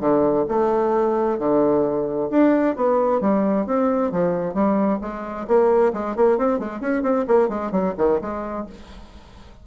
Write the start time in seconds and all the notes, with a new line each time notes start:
0.00 D3
0.48 A3
1.39 D3
2.30 D4
2.76 B3
3.21 G3
3.66 C4
4.12 F3
4.54 G3
5.01 G#3
5.48 A#3
5.93 G#3
6.16 A#3
6.38 C4
6.59 G#3
6.81 C#4
7.03 C4
7.28 A#3
7.49 G#3
7.71 F#3
7.98 D#3
8.21 G#3